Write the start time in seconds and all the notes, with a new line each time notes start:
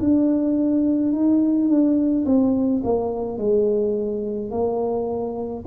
0.00 D4
1.13 D#4
1.69 D4
2.26 C4
2.84 A#3
3.39 G#3
4.51 A#3